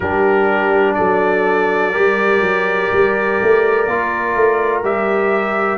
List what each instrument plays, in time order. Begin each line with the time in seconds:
0.00 tuba G3, trombone D4, horn G4, trumpet A#4
0.94 tuba F#3, horn A4, trumpet D5
1.92 tuba G3, trombone G4, horn A#4
2.41 tuba F#3
2.92 tuba G3
3.42 tuba A3
3.87 tuba A#3, trombone F4
4.35 tuba A3
4.83 tuba G3, trombone G4, trumpet E5